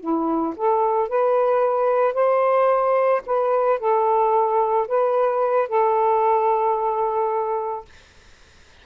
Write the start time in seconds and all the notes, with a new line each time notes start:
0.00 E4
0.56 A4
1.08 B4
2.14 C5
3.26 B4
3.79 A4
4.88 B4
5.69 A4